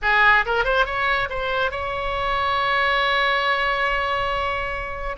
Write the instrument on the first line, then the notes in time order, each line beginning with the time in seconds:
oboe
0.02 G#4
0.45 A#4
0.64 C5
0.85 C#5
1.29 C5
1.71 C#5